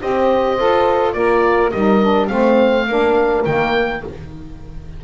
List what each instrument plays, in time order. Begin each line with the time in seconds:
0.00 double bass C4, saxophone G4, horn C5, oboe D#5
0.58 double bass F4, saxophone A4
1.13 double bass A#3, horn F4, saxophone A#4, oboe D5
1.71 double bass G3, saxophone D#4, horn A#4, oboe D#5
2.03 saxophone D4
2.28 double bass A3, saxophone C4, horn C5, oboe F5
2.88 double bass A#3, saxophone D4, horn A#4
3.45 double bass D#3, saxophone A#3, oboe G5